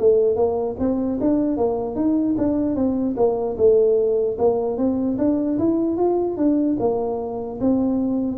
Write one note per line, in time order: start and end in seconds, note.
0.00 0.36 A3
0.36 0.76 A#3
0.79 1.19 C4
1.21 1.57 D4
1.57 1.96 A#3
1.96 2.36 D#4
2.38 2.76 D4
2.76 3.16 C4
3.17 3.57 A#3
3.58 4.38 A3
4.39 4.78 A#3
4.78 5.18 C4
5.19 5.59 D4
5.59 5.97 E4
5.97 6.37 F4
6.37 6.77 D4
6.80 7.60 A#3
7.61 8.38 C4